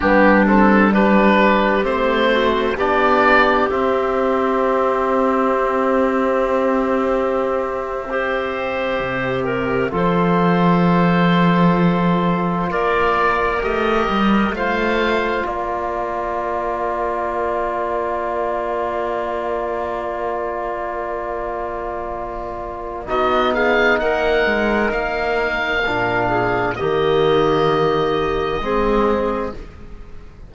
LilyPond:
<<
  \new Staff \with { instrumentName = "oboe" } { \time 4/4 \tempo 4 = 65 g'8 a'8 b'4 c''4 d''4 | e''1~ | e''2~ e''8. c''4~ c''16~ | c''4.~ c''16 d''4 dis''4 f''16~ |
f''8. d''2.~ d''16~ | d''1~ | d''4 dis''8 f''8 fis''4 f''4~ | f''4 dis''2. | }
  \new Staff \with { instrumentName = "clarinet" } { \time 4/4 d'4 g'4. fis'8 g'4~ | g'1~ | g'8. c''4. ais'8 a'4~ a'16~ | a'4.~ a'16 ais'2 c''16~ |
c''8. ais'2.~ ais'16~ | ais'1~ | ais'4 fis'8 gis'8 ais'2~ | ais'8 gis'8 g'2 gis'4 | }
  \new Staff \with { instrumentName = "trombone" } { \time 4/4 b8 c'8 d'4 c'4 d'4 | c'1~ | c'8. g'2 f'4~ f'16~ | f'2~ f'8. g'4 f'16~ |
f'1~ | f'1~ | f'4 dis'2. | d'4 ais2 c'4 | }
  \new Staff \with { instrumentName = "cello" } { \time 4/4 g2 a4 b4 | c'1~ | c'4.~ c'16 c4 f4~ f16~ | f4.~ f16 ais4 a8 g8 a16~ |
a8. ais2.~ ais16~ | ais1~ | ais4 b4 ais8 gis8 ais4 | ais,4 dis2 gis4 | }
>>